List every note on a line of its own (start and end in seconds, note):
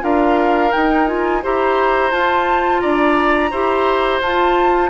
0.00 0.72 D4
0.00 0.70 F4
0.00 1.43 A#4
0.00 0.72 F5
0.72 1.07 D#4
0.72 1.44 D#4
0.72 1.07 G5
1.07 1.41 F4
1.07 1.42 G#5
1.42 2.11 E4
1.42 2.11 G4
1.42 2.81 C5
1.42 2.11 A#5
2.11 3.51 F4
2.11 2.81 F4
2.11 2.80 A5
2.80 3.51 D4
2.80 3.51 D5
2.80 4.20 A#5
3.51 4.20 E4
3.51 4.22 G4
3.51 4.90 C5
4.20 4.90 F4
4.20 4.90 A5